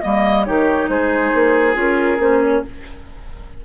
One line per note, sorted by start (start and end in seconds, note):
0.00 0.47 G3
0.00 0.45 A#3
0.00 0.43 D#5
0.00 0.46 D#5
0.44 0.88 D#3
0.44 1.73 D#4
0.44 0.90 G4
0.44 0.88 C#5
0.88 1.32 G#3
0.88 2.64 G#4
0.88 1.76 C5
1.33 1.75 A#3
1.73 2.18 C#4
1.73 2.17 F4
1.73 2.21 A#4
2.18 2.61 A#3
2.18 2.64 C#4
2.18 2.42 C5
2.42 2.64 C#5